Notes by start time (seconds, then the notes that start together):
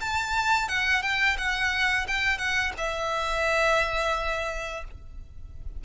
0.00 A5
0.68 F#5
1.02 G5
1.38 F#5
2.07 G5
2.38 F#5
2.77 E5